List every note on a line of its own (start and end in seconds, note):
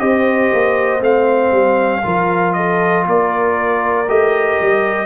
0.00 0.51 C4
0.00 1.01 G4
0.00 2.05 C5
0.00 1.02 D#5
0.53 1.02 A#3
1.01 1.52 A3
1.01 2.02 C4
1.01 2.54 F5
1.52 2.03 G3
2.03 3.07 F3
2.03 4.07 F4
2.03 2.56 A#4
2.54 3.05 A4
2.54 3.04 D#5
3.05 4.09 A#3
3.05 5.06 A#4
3.05 4.10 D5
4.08 4.60 A3
4.08 5.06 G4
4.08 5.06 D#5
4.61 5.06 G3